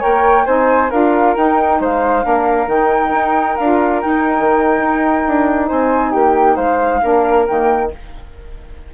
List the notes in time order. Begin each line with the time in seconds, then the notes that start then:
0.00 A#3 A#4 C#5 G5
0.46 C4 D#4 C5 G#5
0.90 D4 F4 A#4 F5
1.36 D#4 G5
1.80 G#3 C5 F5
2.23 A#3 D4 A#4
2.67 D#3 D#4 G5
3.10 D#4
3.56 D4 F4 F5
4.01 D#4 G5
4.39 D#3
4.79 D#4
5.27 D4
5.68 C4 C5 G#5
6.10 A#3 G4 G5
6.56 G#3 C5 F5
7.02 A#3 D4 A#4
7.47 D#3 A#3 G5